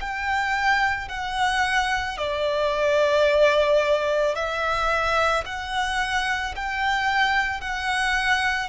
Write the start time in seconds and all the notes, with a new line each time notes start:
0.00 G5
1.08 F#5
2.17 D5
4.35 E5
5.45 F#5
6.56 G5
7.60 F#5